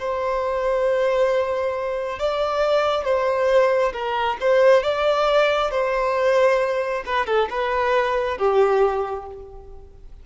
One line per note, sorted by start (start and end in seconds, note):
0.00 2.19 C5
2.19 3.05 D5
3.05 3.93 C5
3.93 4.38 A#4
4.41 4.83 C5
4.83 5.71 D5
5.71 7.03 C5
7.06 7.27 B4
7.27 7.49 A4
7.50 8.38 B4
8.38 9.26 G4